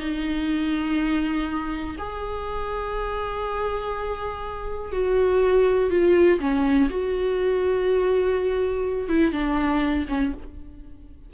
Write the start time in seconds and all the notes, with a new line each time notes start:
0.00 D#4
1.99 G#4
4.93 F#4
5.91 F4
6.40 C#4
6.91 F#4
9.09 E4
9.33 D4
10.09 C#4